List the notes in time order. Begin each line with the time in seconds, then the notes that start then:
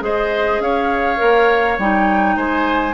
0.00 G#3 G#4 C5 D#5
0.60 C#4 C#5 F5
1.17 A#3 A#4
1.78 G3 D#4 G5
2.36 G#3 C5 G#5